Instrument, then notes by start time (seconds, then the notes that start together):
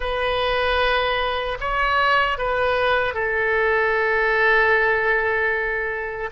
oboe
0.00 B4
1.60 C#5
2.38 B4
3.14 A4